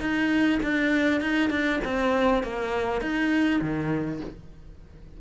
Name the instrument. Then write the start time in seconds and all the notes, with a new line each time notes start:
cello
0.00 D#4
0.63 D4
1.21 D#4
1.50 D4
1.84 C4
2.43 A#3
3.01 D#4
3.61 D#3